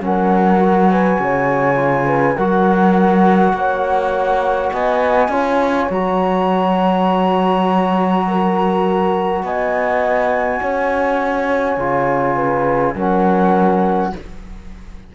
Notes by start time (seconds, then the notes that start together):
0.00 F#3 C#4 A#4 F#5
0.59 F#4
0.90 B4 G#5
1.19 C#3 C#5
1.75 F4
2.06 B4
2.36 F#3 F#4 A#4 F#5
3.53 A#3 C#5
4.73 B3 D#5 G#5
5.28 C#4 F4 C#5
5.89 F#3 F#4 A#5
8.27 A#4
9.42 B3 D#5 G#5
10.61 C#4 C#5
11.77 C#3 F4
12.36 B4
12.95 F#3 C#4 A#4 F#5